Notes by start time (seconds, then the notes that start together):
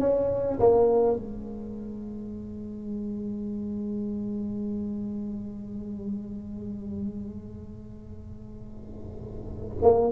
0.00 C#4
0.60 A#3
1.17 G#3
9.82 A#3